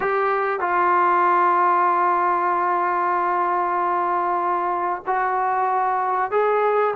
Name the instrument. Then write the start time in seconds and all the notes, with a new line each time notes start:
trombone
0.00 G4
0.60 F4
5.06 F#4
6.31 G#4